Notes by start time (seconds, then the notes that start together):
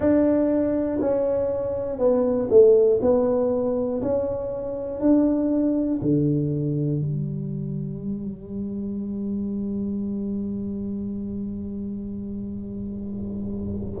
0.00 D4
1.00 C#4
1.98 B3
2.50 A3
3.01 B3
4.01 C#4
5.00 D4
6.01 D3
7.00 G3